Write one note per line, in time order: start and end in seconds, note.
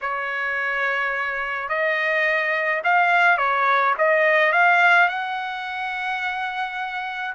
0.01 1.69 C#5
1.69 2.82 D#5
2.84 3.37 F5
3.37 3.94 C#5
3.98 4.52 D#5
4.52 5.08 F5
5.08 7.34 F#5